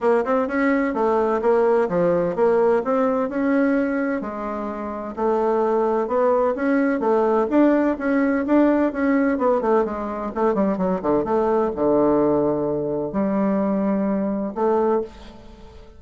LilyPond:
\new Staff \with { instrumentName = "bassoon" } { \time 4/4 \tempo 4 = 128 ais8 c'8 cis'4 a4 ais4 | f4 ais4 c'4 cis'4~ | cis'4 gis2 a4~ | a4 b4 cis'4 a4 |
d'4 cis'4 d'4 cis'4 | b8 a8 gis4 a8 g8 fis8 d8 | a4 d2. | g2. a4 | }